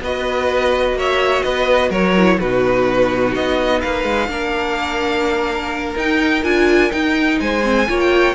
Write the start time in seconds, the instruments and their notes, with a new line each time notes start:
0.00 cello B3, viola F#4, violin B4 D#5
0.93 cello A#3, violin C#5 E5
1.43 cello B3, violin B4 D#5
1.89 cello F#3, violin A#4 C#5
2.17 viola E4
2.38 cello B2, viola D#4, violin F#4 B4
3.34 cello B3, violin D#5
3.80 cello A#3, violin B4 F5
4.04 cello G#3
4.28 cello A#3, viola D4, violin A#4
5.96 cello D#4, viola D#4, violin G5
6.43 cello D4, viola F4, violin G#5
6.90 viola D#4, cello D#4, violin G5
7.40 cello G#3, violin C5 G#5
7.63 viola C4
7.88 cello A#3, viola F4, violin C#5
7.99 violin G5